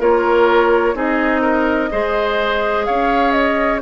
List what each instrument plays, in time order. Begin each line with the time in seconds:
0.00 bassoon A#3, clarinet F4, oboe A#4, flute C#5
0.95 bassoon C4, clarinet D#4, oboe G#4, flute D#5
1.42 oboe A#4
1.91 bassoon G#3, clarinet G#4, oboe C5
2.86 bassoon C#4, oboe C#5, flute F5
3.32 flute D#5